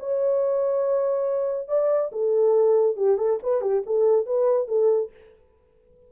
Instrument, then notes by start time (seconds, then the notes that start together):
horn
0.00 C#5
1.68 D5
2.12 A4
2.97 G4
3.18 A4
3.43 B4
3.62 G4
3.86 A4
4.26 B4
4.68 A4